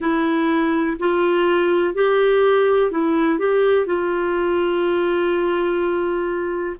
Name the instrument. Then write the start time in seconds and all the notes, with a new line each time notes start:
clarinet
0.00 E4
0.99 F4
1.94 G4
2.91 E4
3.39 G4
3.85 F4